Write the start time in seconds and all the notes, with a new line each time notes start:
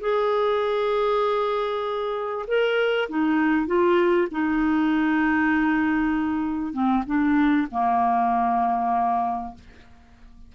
0.00 G#4
2.47 A#4
3.09 D#4
3.67 F4
4.31 D#4
6.73 C4
7.06 D4
7.71 A#3